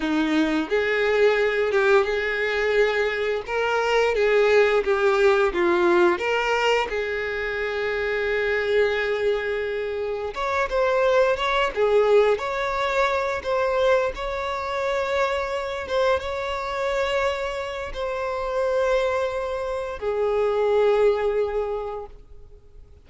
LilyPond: \new Staff \with { instrumentName = "violin" } { \time 4/4 \tempo 4 = 87 dis'4 gis'4. g'8 gis'4~ | gis'4 ais'4 gis'4 g'4 | f'4 ais'4 gis'2~ | gis'2. cis''8 c''8~ |
c''8 cis''8 gis'4 cis''4. c''8~ | c''8 cis''2~ cis''8 c''8 cis''8~ | cis''2 c''2~ | c''4 gis'2. | }